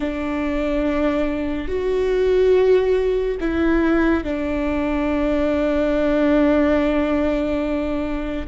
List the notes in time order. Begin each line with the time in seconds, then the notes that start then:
0.00 D4
1.67 F#4
3.40 E4
4.24 D4